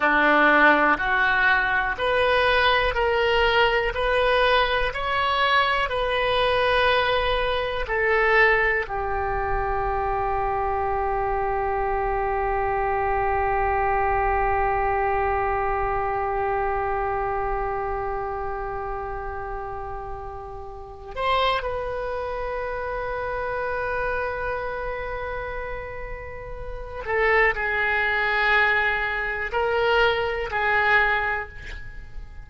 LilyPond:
\new Staff \with { instrumentName = "oboe" } { \time 4/4 \tempo 4 = 61 d'4 fis'4 b'4 ais'4 | b'4 cis''4 b'2 | a'4 g'2.~ | g'1~ |
g'1~ | g'4. c''8 b'2~ | b'2.~ b'8 a'8 | gis'2 ais'4 gis'4 | }